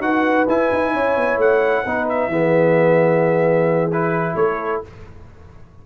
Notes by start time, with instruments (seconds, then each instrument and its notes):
0.00 tuba D#4, trombone F#4, horn B4, trumpet F#5
0.48 tuba E4, trombone E4, trumpet G#5
0.73 tuba D#4
0.94 tuba C#4, horn C#5
1.16 tuba B3
1.38 tuba A3, trumpet F#5
1.84 tuba B3, trombone D#4, horn B4
2.09 trumpet E5
2.28 tuba E3, trombone B3, horn G#4
3.92 trombone E4, trumpet B4
4.35 tuba A3, horn A4, trumpet C#5